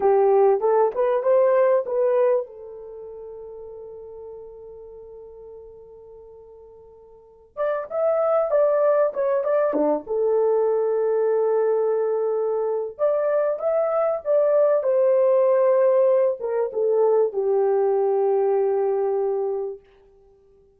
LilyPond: \new Staff \with { instrumentName = "horn" } { \time 4/4 \tempo 4 = 97 g'4 a'8 b'8 c''4 b'4 | a'1~ | a'1~ | a'16 d''8 e''4 d''4 cis''8 d''8 d'16~ |
d'16 a'2.~ a'8.~ | a'4 d''4 e''4 d''4 | c''2~ c''8 ais'8 a'4 | g'1 | }